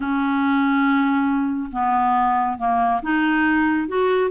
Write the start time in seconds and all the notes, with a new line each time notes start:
0.00 C#4
1.71 B3
2.58 A#3
3.02 D#4
3.88 F#4